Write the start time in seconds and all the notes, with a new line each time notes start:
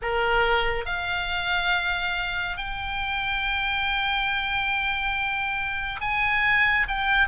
0.02 A#4
0.85 F5
2.57 G5
6.00 G#5
6.88 G5